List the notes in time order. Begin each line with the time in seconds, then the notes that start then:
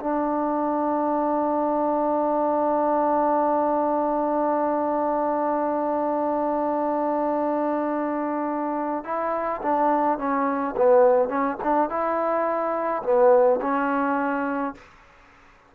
0.00 D4
9.04 E4
9.62 D4
10.18 C#4
10.77 B3
11.28 C#4
11.63 D4
11.89 E4
13.03 B3
13.61 C#4